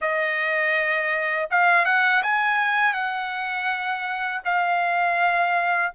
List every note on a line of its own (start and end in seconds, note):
0.01 1.49 D#5
1.50 1.85 F5
1.85 2.22 F#5
2.22 2.93 G#5
2.93 4.41 F#5
4.44 5.93 F5